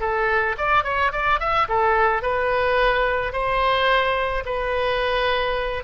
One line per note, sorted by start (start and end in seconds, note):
0.00 0.56 A4
0.58 0.84 D5
0.84 1.12 C#5
1.12 1.40 D5
1.40 1.67 E5
1.68 2.22 A4
2.22 3.33 B4
3.33 4.44 C5
4.45 5.83 B4